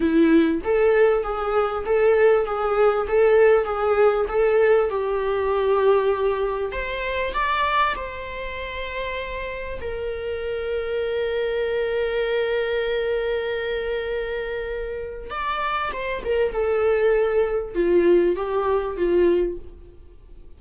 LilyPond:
\new Staff \with { instrumentName = "viola" } { \time 4/4 \tempo 4 = 98 e'4 a'4 gis'4 a'4 | gis'4 a'4 gis'4 a'4 | g'2. c''4 | d''4 c''2. |
ais'1~ | ais'1~ | ais'4 d''4 c''8 ais'8 a'4~ | a'4 f'4 g'4 f'4 | }